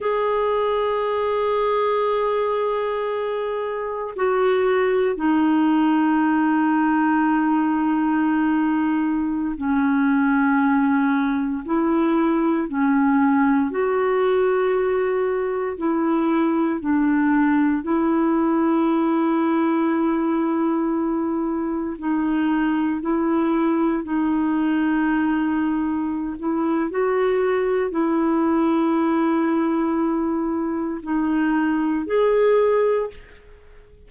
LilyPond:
\new Staff \with { instrumentName = "clarinet" } { \time 4/4 \tempo 4 = 58 gis'1 | fis'4 dis'2.~ | dis'4~ dis'16 cis'2 e'8.~ | e'16 cis'4 fis'2 e'8.~ |
e'16 d'4 e'2~ e'8.~ | e'4~ e'16 dis'4 e'4 dis'8.~ | dis'4. e'8 fis'4 e'4~ | e'2 dis'4 gis'4 | }